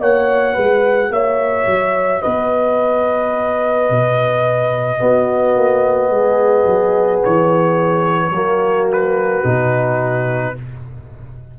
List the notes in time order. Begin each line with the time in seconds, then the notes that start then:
0.00 A#3 F#4 C#5 F#5
0.54 G#3 B4
1.10 A#3 C#5 E5
1.66 F#3
2.22 B3 B4 D#5
3.90 B2
4.99 B3 F#4
5.56 A#3
6.10 G#3 G#4
6.66 F#3
7.24 E3 C#5
8.31 F#3 A#3 F#4
8.93 B4
9.44 B2 D#4